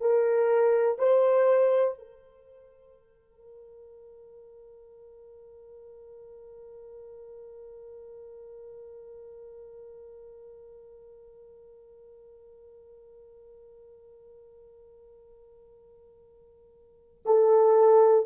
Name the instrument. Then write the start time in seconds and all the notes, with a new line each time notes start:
horn
0.00 A#4
0.98 C5
1.98 A#4
17.25 A4